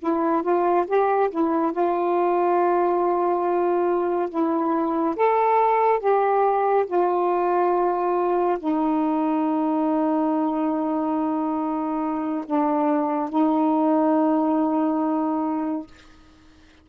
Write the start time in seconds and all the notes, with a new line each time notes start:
0.00 E4
0.43 F4
0.88 G4
1.31 E4
1.72 F4
4.30 E4
5.17 A4
6.00 G4
6.87 F4
8.59 D#4
12.47 D4
13.30 D#4